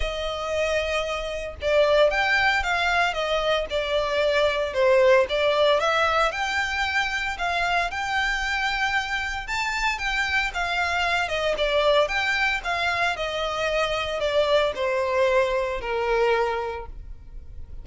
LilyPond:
\new Staff \with { instrumentName = "violin" } { \time 4/4 \tempo 4 = 114 dis''2. d''4 | g''4 f''4 dis''4 d''4~ | d''4 c''4 d''4 e''4 | g''2 f''4 g''4~ |
g''2 a''4 g''4 | f''4. dis''8 d''4 g''4 | f''4 dis''2 d''4 | c''2 ais'2 | }